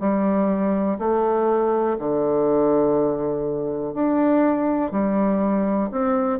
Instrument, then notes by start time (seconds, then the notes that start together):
bassoon
0.00 G3
0.99 A3
1.99 D3
3.94 D4
4.92 G3
5.92 C4